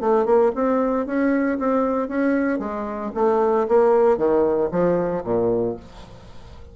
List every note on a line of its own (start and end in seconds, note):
0.00 0.25 A3
0.25 0.51 A#3
0.55 1.06 C4
1.06 1.58 C#4
1.59 2.08 C4
2.08 2.59 C#4
2.59 3.11 G#3
3.14 3.67 A3
3.68 4.17 A#3
4.17 4.69 D#3
4.71 5.23 F3
5.24 5.76 A#2